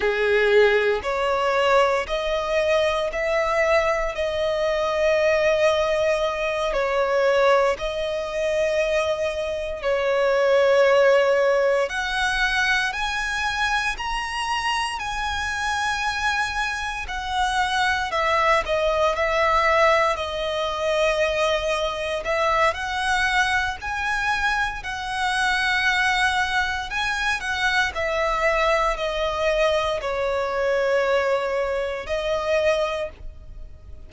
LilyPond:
\new Staff \with { instrumentName = "violin" } { \time 4/4 \tempo 4 = 58 gis'4 cis''4 dis''4 e''4 | dis''2~ dis''8 cis''4 dis''8~ | dis''4. cis''2 fis''8~ | fis''8 gis''4 ais''4 gis''4.~ |
gis''8 fis''4 e''8 dis''8 e''4 dis''8~ | dis''4. e''8 fis''4 gis''4 | fis''2 gis''8 fis''8 e''4 | dis''4 cis''2 dis''4 | }